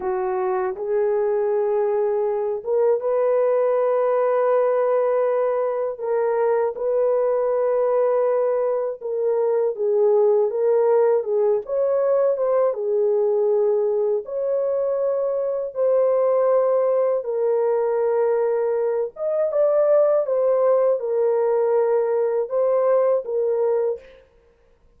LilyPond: \new Staff \with { instrumentName = "horn" } { \time 4/4 \tempo 4 = 80 fis'4 gis'2~ gis'8 ais'8 | b'1 | ais'4 b'2. | ais'4 gis'4 ais'4 gis'8 cis''8~ |
cis''8 c''8 gis'2 cis''4~ | cis''4 c''2 ais'4~ | ais'4. dis''8 d''4 c''4 | ais'2 c''4 ais'4 | }